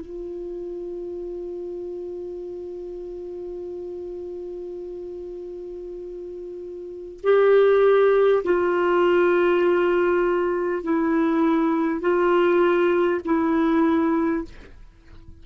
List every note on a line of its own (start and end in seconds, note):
0.00 7.20 F4
7.23 8.43 G4
8.44 10.83 F4
10.83 12.01 E4
12.01 13.21 F4
13.25 14.45 E4